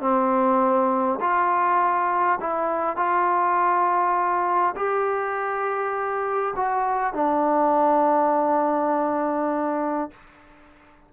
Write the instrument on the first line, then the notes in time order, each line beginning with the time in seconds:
trombone
0.00 C4
1.20 F4
2.40 E4
2.96 F4
4.76 G4
6.56 F#4
7.14 D4